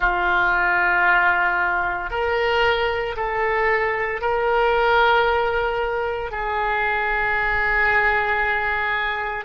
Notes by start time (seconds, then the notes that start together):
0.00 F4
2.10 A#4
3.16 A4
4.21 A#4
6.31 G#4